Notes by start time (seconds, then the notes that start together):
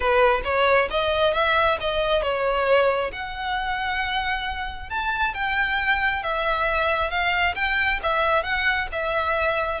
0.00 B4
0.44 C#5
0.90 D#5
1.33 E5
1.80 D#5
2.22 C#5
3.12 F#5
4.89 A5
5.34 G5
6.23 E5
7.10 F5
7.55 G5
8.03 E5
8.43 F#5
8.92 E5